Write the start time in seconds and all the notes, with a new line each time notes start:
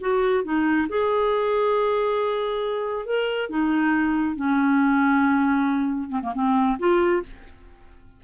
0.00 F#4
0.43 D#4
0.88 G#4
3.05 A#4
3.49 D#4
4.36 C#4
6.09 C4
6.22 A#3
6.34 C4
6.78 F4